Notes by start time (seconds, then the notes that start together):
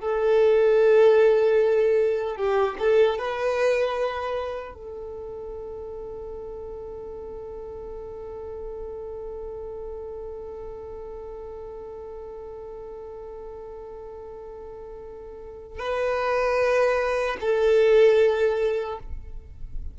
0.00 A4
2.36 G4
2.78 A4
3.18 B4
4.74 A4
15.79 B4
17.40 A4